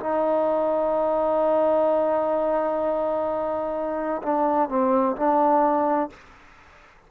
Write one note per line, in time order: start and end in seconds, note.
0.00 4.22 D#4
4.23 4.69 D4
4.69 5.16 C4
5.16 6.10 D4